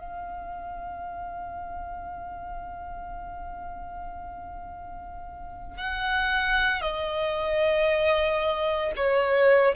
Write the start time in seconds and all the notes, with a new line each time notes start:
0.00 F5
5.78 F#5
6.82 D#5
8.96 C#5